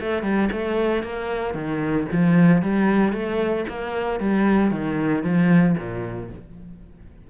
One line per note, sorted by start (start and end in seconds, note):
0.00 0.23 A3
0.23 0.49 G3
0.52 1.03 A3
1.03 1.54 A#3
1.54 2.07 D#3
2.12 2.62 F3
2.62 3.12 G3
3.12 3.65 A3
3.69 4.20 A#3
4.20 4.71 G3
4.71 5.24 D#3
5.24 5.76 F3
5.78 6.30 A#2